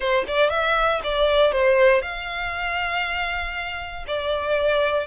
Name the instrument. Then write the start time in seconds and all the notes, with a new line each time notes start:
violin
0.00 C5
0.27 D5
0.49 E5
1.03 D5
1.52 C5
2.02 F5
4.07 D5